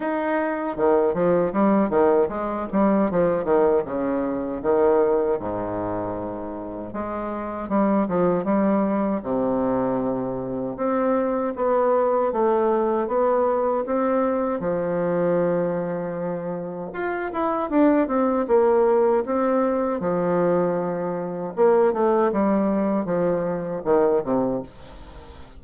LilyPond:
\new Staff \with { instrumentName = "bassoon" } { \time 4/4 \tempo 4 = 78 dis'4 dis8 f8 g8 dis8 gis8 g8 | f8 dis8 cis4 dis4 gis,4~ | gis,4 gis4 g8 f8 g4 | c2 c'4 b4 |
a4 b4 c'4 f4~ | f2 f'8 e'8 d'8 c'8 | ais4 c'4 f2 | ais8 a8 g4 f4 dis8 c8 | }